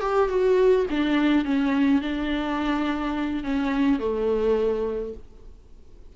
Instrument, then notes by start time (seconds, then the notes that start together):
viola
0.00 G4
0.28 F#4
0.90 D4
1.44 C#4
2.01 D4
3.43 C#4
3.99 A3